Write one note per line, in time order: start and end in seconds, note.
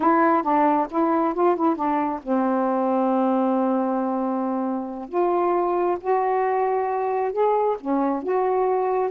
0.00 0.42 E4
0.42 0.87 D4
0.90 1.33 E4
1.33 1.56 F4
1.56 1.75 E4
1.75 2.20 D4
2.22 5.08 C4
5.08 5.97 F4
6.00 7.32 F#4
7.32 7.76 G#4
7.80 8.22 C#4
8.22 9.11 F#4